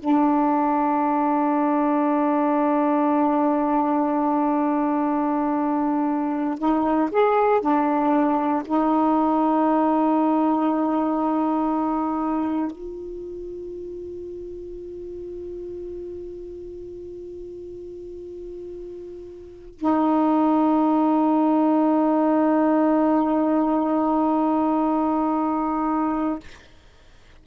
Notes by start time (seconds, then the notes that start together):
0.00 D4
6.60 D#4
7.11 G#4
7.62 D4
8.66 D#4
12.72 F4
19.79 D#4